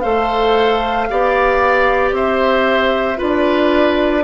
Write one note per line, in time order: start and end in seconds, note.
0.00 1.10 A3
0.00 1.07 A4
0.00 1.07 C5
0.00 2.11 F5
1.09 2.11 B3
1.09 3.16 G4
1.09 2.15 D5
2.11 3.17 C4
2.11 3.18 C5
2.11 3.20 E5
3.16 4.24 D4
3.16 4.22 F4
3.16 4.23 B4
3.23 4.24 D5